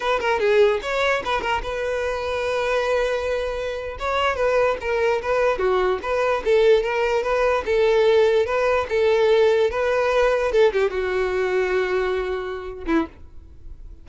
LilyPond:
\new Staff \with { instrumentName = "violin" } { \time 4/4 \tempo 4 = 147 b'8 ais'8 gis'4 cis''4 b'8 ais'8 | b'1~ | b'4.~ b'16 cis''4 b'4 ais'16~ | ais'8. b'4 fis'4 b'4 a'16~ |
a'8. ais'4 b'4 a'4~ a'16~ | a'8. b'4 a'2 b'16~ | b'4.~ b'16 a'8 g'8 fis'4~ fis'16~ | fis'2.~ fis'8 e'8 | }